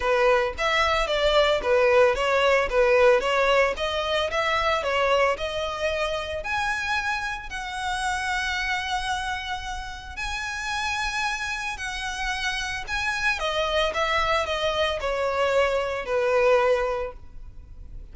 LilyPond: \new Staff \with { instrumentName = "violin" } { \time 4/4 \tempo 4 = 112 b'4 e''4 d''4 b'4 | cis''4 b'4 cis''4 dis''4 | e''4 cis''4 dis''2 | gis''2 fis''2~ |
fis''2. gis''4~ | gis''2 fis''2 | gis''4 dis''4 e''4 dis''4 | cis''2 b'2 | }